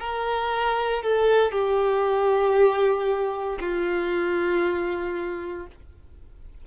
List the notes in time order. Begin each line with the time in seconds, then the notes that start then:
0.00 A#4
1.03 A4
1.52 G4
3.60 F4